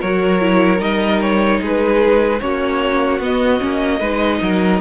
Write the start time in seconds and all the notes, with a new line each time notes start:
0.00 F#3 F#4 A#4 C#5
0.41 E4
0.78 G3 D#4 D#5
1.22 C#5
1.61 G#3 G#4 B4
2.40 A#3 C#4 F#4 C#5
3.19 B3 D#5
3.60 A#3 C#4
3.99 G#3 D#4 B4
4.42 F#3 A#4